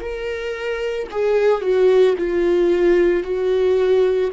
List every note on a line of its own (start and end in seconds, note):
0.00 1.07 A#4
1.11 1.61 G#4
1.61 2.15 F#4
2.18 3.23 F4
3.23 4.31 F#4